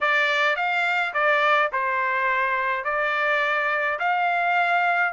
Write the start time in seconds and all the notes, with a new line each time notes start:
0.00 D5
0.56 F5
1.13 D5
1.72 C5
2.84 D5
3.99 F5